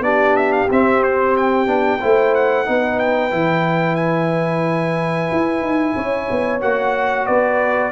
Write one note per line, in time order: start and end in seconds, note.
0.00 0.66 B3
0.00 0.68 D4
0.00 2.01 G4
0.00 0.36 D5
0.36 0.53 E5
0.53 0.69 F5
0.71 1.67 C4
0.71 1.66 C4
0.71 1.03 E5
1.03 1.36 C5
1.37 2.34 G5
1.66 2.00 B3
1.66 1.99 D4
2.00 2.68 A3
2.00 2.65 E4
2.00 2.67 C5
2.34 2.99 F#5
2.65 3.32 B3
2.65 3.31 D#4
2.65 5.96 B4
2.99 3.96 G5
3.31 5.30 E3
3.31 6.60 E4
3.96 6.59 G#5
5.31 5.61 E4
5.61 5.94 D#4
5.96 6.29 C#4
5.96 7.26 C#5
6.31 6.62 B3
6.61 7.28 A#3
6.61 7.92 F#4
6.61 7.26 F#5
7.26 7.92 B3
7.26 7.92 B4
7.26 7.92 D5